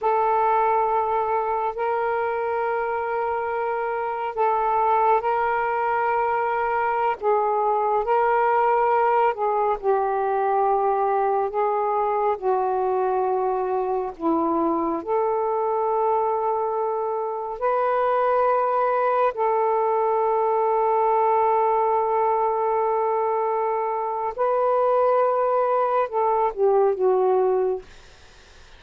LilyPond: \new Staff \with { instrumentName = "saxophone" } { \time 4/4 \tempo 4 = 69 a'2 ais'2~ | ais'4 a'4 ais'2~ | ais'16 gis'4 ais'4. gis'8 g'8.~ | g'4~ g'16 gis'4 fis'4.~ fis'16~ |
fis'16 e'4 a'2~ a'8.~ | a'16 b'2 a'4.~ a'16~ | a'1 | b'2 a'8 g'8 fis'4 | }